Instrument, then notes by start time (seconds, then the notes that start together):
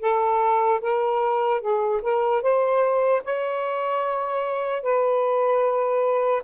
saxophone
0.00 A4
0.81 A#4
1.60 G#4
2.02 A#4
2.42 C5
3.24 C#5
4.82 B4